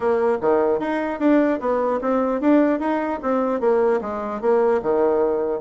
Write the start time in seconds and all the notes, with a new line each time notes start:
0.00 A#3
0.41 D#3
0.79 D#4
1.19 D4
1.60 B3
2.01 C4
2.40 D4
2.79 D#4
3.22 C4
3.60 A#3
4.01 G#3
4.41 A#3
4.82 D#3